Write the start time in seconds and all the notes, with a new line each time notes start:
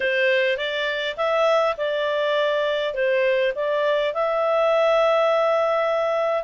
0.00 C5
0.57 D5
1.16 E5
1.77 D5
2.94 C5
3.55 D5
4.13 E5